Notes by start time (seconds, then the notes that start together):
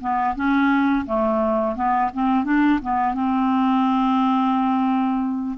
0.00 B3
0.35 C#4
1.06 A3
1.75 B3
2.13 C4
2.44 D4
2.82 B3
3.14 C4